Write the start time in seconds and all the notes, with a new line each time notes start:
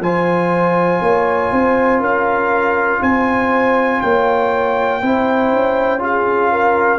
0.00 F3 F4 C5 G#5
1.01 A#3 C#5
1.52 C4 C5
2.00 C#4 A#4 F5
3.01 C4 C5 G#5
4.01 A#3 C#5 G5
5.01 C4 E4 C5
5.53 C#4
5.99 F4 G#4 F5
6.52 A#4